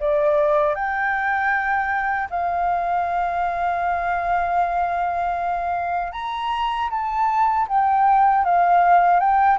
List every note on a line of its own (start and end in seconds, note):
0.00 0.75 D5
0.75 2.29 G5
2.30 6.13 F5
6.13 6.90 A#5
6.91 7.67 A5
7.69 8.45 G5
8.45 9.20 F5
9.20 9.58 G5